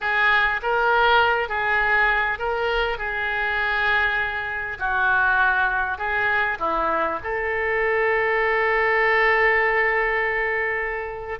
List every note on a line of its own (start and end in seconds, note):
0.00 0.60 G#4
0.62 1.48 A#4
1.48 2.38 G#4
2.38 2.98 A#4
2.98 4.78 G#4
4.79 5.98 F#4
5.98 6.58 G#4
6.59 7.19 E4
7.23 11.39 A4